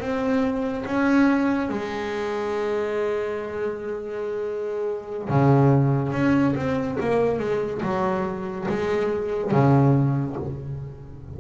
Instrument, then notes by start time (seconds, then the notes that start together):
double bass
0.00 C4
0.86 C#4
1.69 G#3
5.29 C#3
6.12 C#4
6.55 C4
7.00 A#3
7.39 G#3
7.82 F#3
8.69 G#3
9.51 C#3